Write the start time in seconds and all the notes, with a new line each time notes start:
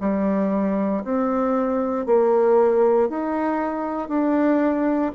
0.00 G3
1.04 C4
2.05 A#3
3.09 D#4
4.08 D4